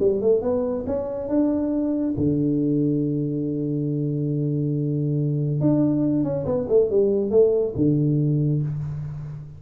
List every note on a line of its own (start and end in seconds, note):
0.00 0.22 G3
0.22 0.42 A3
0.42 0.85 B3
0.87 1.29 C#4
1.29 2.15 D4
2.17 5.61 D3
5.61 6.24 D4
6.24 6.46 C#4
6.46 6.68 B3
6.69 6.90 A3
6.90 7.31 G3
7.31 7.74 A3
7.76 8.63 D3